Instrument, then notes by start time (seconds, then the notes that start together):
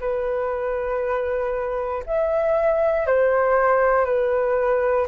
flute
0.00 B4
2.06 E5
3.06 C5
4.05 B4